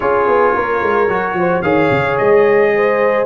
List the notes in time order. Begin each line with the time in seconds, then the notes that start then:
0.00 C#4 F4 G#4 C#5
0.27 B3
0.54 A#3 A#4
0.82 G#3
1.08 F#3 F#4
1.33 F3 C5
1.62 D#3 G#4 C#5 F5
1.91 C#3
2.17 G#3 D#5
2.75 C5